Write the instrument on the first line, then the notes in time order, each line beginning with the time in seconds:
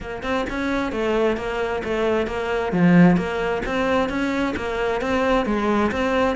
cello
0.00 A#3
0.22 C4
0.49 C#4
0.92 A3
1.37 A#3
1.83 A3
2.26 A#3
2.72 F3
3.16 A#3
3.65 C4
4.09 C#4
4.56 A#3
5.01 C4
5.45 G#3
5.91 C4